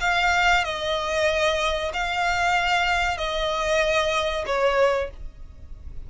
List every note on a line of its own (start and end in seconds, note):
0.00 0.64 F5
0.64 1.92 D#5
1.93 3.17 F5
3.17 4.45 D#5
4.46 5.10 C#5